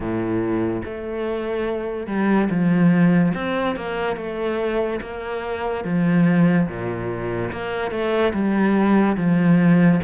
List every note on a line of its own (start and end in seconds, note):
0.00 0.82 A2
0.84 2.06 A3
2.06 2.48 G3
2.50 3.33 F3
3.34 3.76 C4
3.76 4.16 A#3
4.16 5.00 A3
5.01 5.84 A#3
5.84 6.67 F3
6.68 7.51 A#2
7.52 7.91 A#3
7.91 8.33 A3
8.33 9.16 G3
9.17 10.00 F3